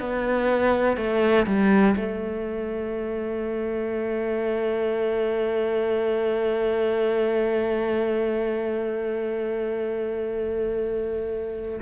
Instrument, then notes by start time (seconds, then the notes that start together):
cello
0.00 B3
0.97 A3
1.47 G3
1.96 A3